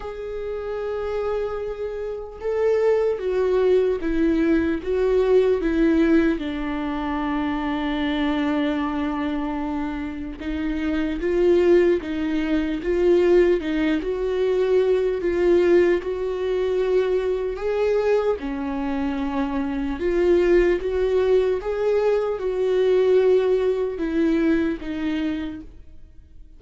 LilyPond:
\new Staff \with { instrumentName = "viola" } { \time 4/4 \tempo 4 = 75 gis'2. a'4 | fis'4 e'4 fis'4 e'4 | d'1~ | d'4 dis'4 f'4 dis'4 |
f'4 dis'8 fis'4. f'4 | fis'2 gis'4 cis'4~ | cis'4 f'4 fis'4 gis'4 | fis'2 e'4 dis'4 | }